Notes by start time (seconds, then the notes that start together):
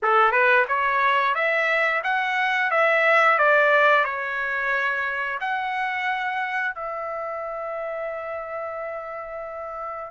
0.02 A4
0.31 B4
0.68 C#5
1.34 E5
2.03 F#5
2.71 E5
3.38 D5
4.04 C#5
5.40 F#5
6.74 E5